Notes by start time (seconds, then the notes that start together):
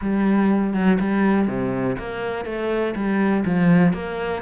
0.01 G3
0.73 F#3
1.00 G3
1.47 C3
1.98 A#3
2.45 A3
2.95 G3
3.45 F3
3.93 A#3